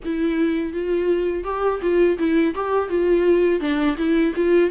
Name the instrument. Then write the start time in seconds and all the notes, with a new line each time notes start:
viola
0.04 E4
0.73 F4
1.44 G4
1.81 F4
2.18 E4
2.54 G4
2.89 F4
3.60 D4
3.97 E4
4.35 F4